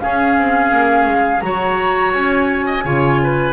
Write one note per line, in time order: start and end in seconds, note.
0.00 1.42 C#4
0.00 0.38 C#4
0.00 1.44 G#4
0.00 1.41 F5
0.38 0.72 C4
0.72 1.06 A#3
1.06 1.41 G#3
1.41 2.14 F#3
1.41 2.84 F#4
1.41 2.66 C#5
1.41 2.12 A#5
2.14 2.84 C#4
2.14 3.53 G#5
2.66 2.84 D#5
2.85 3.53 C#3
2.85 3.53 F4
2.85 3.20 C#5
3.23 3.53 B4